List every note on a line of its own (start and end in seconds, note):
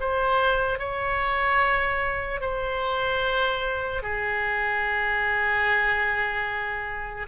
0.00 0.79 C5
0.79 2.40 C#5
2.40 4.02 C5
4.02 7.26 G#4